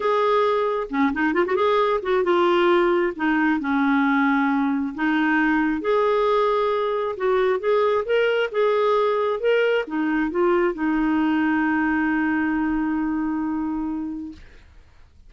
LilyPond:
\new Staff \with { instrumentName = "clarinet" } { \time 4/4 \tempo 4 = 134 gis'2 cis'8 dis'8 f'16 fis'16 gis'8~ | gis'8 fis'8 f'2 dis'4 | cis'2. dis'4~ | dis'4 gis'2. |
fis'4 gis'4 ais'4 gis'4~ | gis'4 ais'4 dis'4 f'4 | dis'1~ | dis'1 | }